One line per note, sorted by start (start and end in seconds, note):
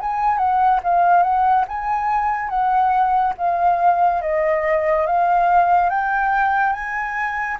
0.00 0.37 G#5
0.37 0.80 F#5
0.83 1.22 F5
1.22 1.64 F#5
1.67 2.49 G#5
2.49 3.33 F#5
3.37 4.21 F5
4.21 5.06 D#5
5.06 5.89 F5
5.89 6.72 G5
6.72 7.57 G#5